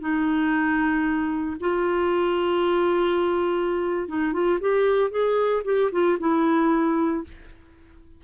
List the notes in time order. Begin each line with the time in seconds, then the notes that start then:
0.00 D#4
1.60 F4
4.08 D#4
4.33 F4
4.61 G4
5.10 G#4
5.64 G4
5.92 F4
6.19 E4